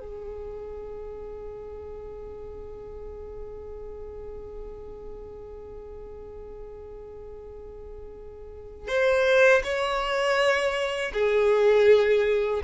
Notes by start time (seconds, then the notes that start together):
0.00 G#4
8.88 C5
9.64 C#5
11.13 G#4